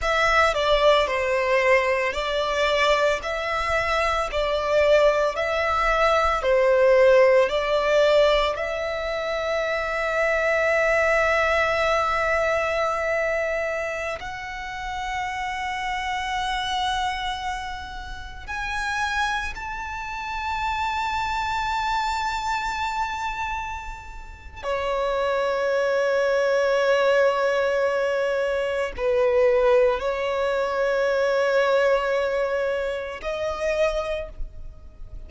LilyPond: \new Staff \with { instrumentName = "violin" } { \time 4/4 \tempo 4 = 56 e''8 d''8 c''4 d''4 e''4 | d''4 e''4 c''4 d''4 | e''1~ | e''4~ e''16 fis''2~ fis''8.~ |
fis''4~ fis''16 gis''4 a''4.~ a''16~ | a''2. cis''4~ | cis''2. b'4 | cis''2. dis''4 | }